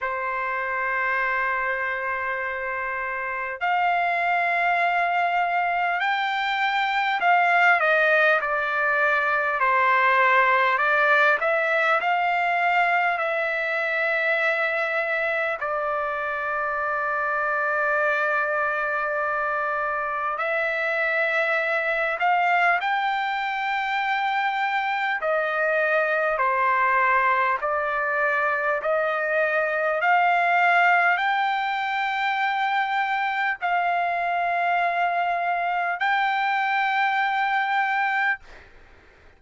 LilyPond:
\new Staff \with { instrumentName = "trumpet" } { \time 4/4 \tempo 4 = 50 c''2. f''4~ | f''4 g''4 f''8 dis''8 d''4 | c''4 d''8 e''8 f''4 e''4~ | e''4 d''2.~ |
d''4 e''4. f''8 g''4~ | g''4 dis''4 c''4 d''4 | dis''4 f''4 g''2 | f''2 g''2 | }